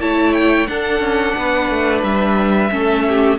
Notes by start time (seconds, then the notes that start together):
0.00 A3 E4 C#5 A5
0.33 G5
0.66 D4 A4 F#5
0.99 C#4
1.36 B3 B4
1.69 A3
2.03 G3 E5
2.70 A3 C#4 A4
3.08 G4